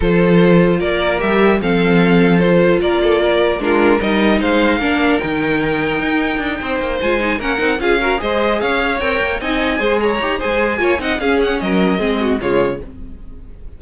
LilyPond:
<<
  \new Staff \with { instrumentName = "violin" } { \time 4/4 \tempo 4 = 150 c''2 d''4 e''4 | f''2 c''4 d''4~ | d''4 ais'4 dis''4 f''4~ | f''4 g''2.~ |
g''4. gis''4 fis''4 f''8~ | f''8 dis''4 f''4 g''4 gis''8~ | gis''4 ais''4 gis''4. fis''8 | f''8 fis''8 dis''2 cis''4 | }
  \new Staff \with { instrumentName = "violin" } { \time 4/4 a'2 ais'2 | a'2. ais'8 a'8 | ais'4 f'4 ais'4 c''4 | ais'1~ |
ais'8 c''2 ais'4 gis'8 | ais'8 c''4 cis''2 dis''8~ | dis''8 c''8 cis''4 c''4 cis''8 dis''8 | gis'4 ais'4 gis'8 fis'8 f'4 | }
  \new Staff \with { instrumentName = "viola" } { \time 4/4 f'2. g'4 | c'2 f'2~ | f'4 d'4 dis'2 | d'4 dis'2.~ |
dis'4. f'8 dis'8 cis'8 dis'8 f'8 | fis'8 gis'2 ais'4 dis'8~ | dis'8 gis'4 g'8 gis'4 f'8 dis'8 | cis'2 c'4 gis4 | }
  \new Staff \with { instrumentName = "cello" } { \time 4/4 f2 ais4 g4 | f2. ais4~ | ais4 gis4 g4 gis4 | ais4 dis2 dis'4 |
d'8 c'8 ais8 gis4 ais8 c'8 cis'8~ | cis'8 gis4 cis'4 c'8 ais8 c'8~ | c'8 gis4 dis'8 gis4 ais8 c'8 | cis'4 fis4 gis4 cis4 | }
>>